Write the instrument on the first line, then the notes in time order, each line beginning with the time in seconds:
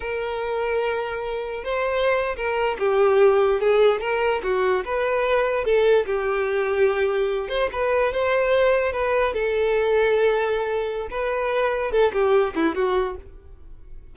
violin
0.00 A#4
1.64 C5
2.36 A#4
2.78 G4
3.60 G#4
4.00 A#4
4.43 F#4
4.84 B4
5.64 A4
6.06 G4
7.49 C5
7.72 B4
8.12 C5
8.92 B4
9.33 A4
11.10 B4
11.91 A4
12.12 G4
12.55 E4
12.75 F#4